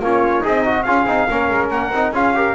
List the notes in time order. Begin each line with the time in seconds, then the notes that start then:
0.00 A#3 C#4 F4 C#5
0.41 C4 D#4 G#4 D#5
0.65 F#4
0.83 C#4 F4 G#4 F5
1.06 C4 D#4
1.30 A#3 C#4 A#4
1.51 G#3
1.71 A#3 F#5
1.91 C4 D#4
2.12 C#4 F4 G#4 F5
2.35 G4 A#4